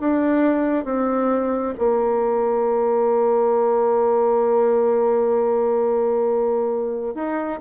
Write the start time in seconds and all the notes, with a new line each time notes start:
0.00 D4
0.85 C4
1.79 A#3
7.15 D#4